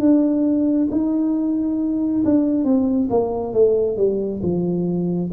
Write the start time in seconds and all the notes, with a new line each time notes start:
0.00 D4
0.91 D#4
2.25 D4
2.65 C4
3.10 A#3
3.53 A3
3.97 G3
4.43 F3